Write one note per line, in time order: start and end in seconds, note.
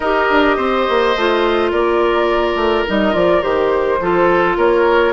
0.00 0.28 D#4
0.00 1.17 G4
0.00 0.56 A#4
0.00 1.71 D#5
0.30 0.57 D4
0.56 0.86 C4
0.56 1.71 C5
0.88 1.15 A#3
1.15 1.72 A3
1.15 2.87 F4
1.71 2.55 A#3
1.71 3.99 A#4
1.71 2.85 D5
2.55 2.83 A3
2.87 3.14 G3
2.87 3.12 D#4
2.87 3.14 D#5
3.12 3.42 F3
3.12 3.41 F4
3.12 3.42 D5
3.41 4.00 D#3
3.41 3.98 G4
3.41 4.56 C5
4.01 4.57 F3
4.01 5.12 F4
4.01 4.57 A4
4.57 5.12 A#3
4.57 5.12 A#4
4.57 5.12 C#5